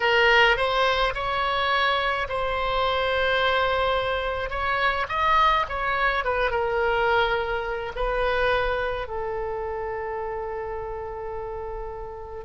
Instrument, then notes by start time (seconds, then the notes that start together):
oboe
0.00 A#4
0.57 C5
1.14 C#5
2.28 C5
4.49 C#5
5.08 D#5
5.68 C#5
6.24 B4
6.50 A#4
7.95 B4
9.07 A4